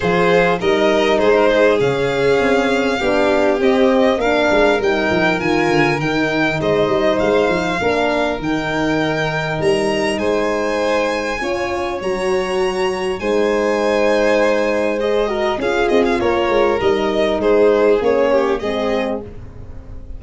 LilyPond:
<<
  \new Staff \with { instrumentName = "violin" } { \time 4/4 \tempo 4 = 100 c''4 dis''4 c''4 f''4~ | f''2 dis''4 f''4 | g''4 gis''4 g''4 dis''4 | f''2 g''2 |
ais''4 gis''2. | ais''2 gis''2~ | gis''4 dis''4 f''8 dis''16 f''16 cis''4 | dis''4 c''4 cis''4 dis''4 | }
  \new Staff \with { instrumentName = "violin" } { \time 4/4 gis'4 ais'4 gis'16 ais'16 gis'4.~ | gis'4 g'2 ais'4~ | ais'2. c''4~ | c''4 ais'2.~ |
ais'4 c''2 cis''4~ | cis''2 c''2~ | c''4. ais'8 gis'4 ais'4~ | ais'4 gis'4. g'8 gis'4 | }
  \new Staff \with { instrumentName = "horn" } { \time 4/4 f'4 dis'2 cis'4~ | cis'4 d'4 c'4 d'4 | dis'4 f'4 dis'2~ | dis'4 d'4 dis'2~ |
dis'2. f'4 | fis'2 dis'2~ | dis'4 gis'8 fis'8 f'2 | dis'2 cis'4 c'4 | }
  \new Staff \with { instrumentName = "tuba" } { \time 4/4 f4 g4 gis4 cis4 | c'4 b4 c'4 ais8 gis8 | g8 f8 dis8 d8 dis4 gis8 g8 | gis8 f8 ais4 dis2 |
g4 gis2 cis'4 | fis2 gis2~ | gis2 cis'8 c'8 ais8 gis8 | g4 gis4 ais4 gis4 | }
>>